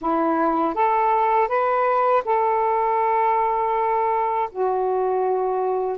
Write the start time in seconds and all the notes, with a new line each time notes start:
0.01 E4
0.74 A4
1.48 B4
2.24 A4
4.51 F#4